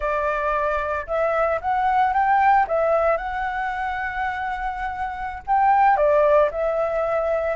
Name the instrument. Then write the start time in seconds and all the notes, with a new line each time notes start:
flute
0.00 D5
1.06 E5
1.61 F#5
2.13 G5
2.67 E5
3.17 F#5
5.46 G5
5.96 D5
6.51 E5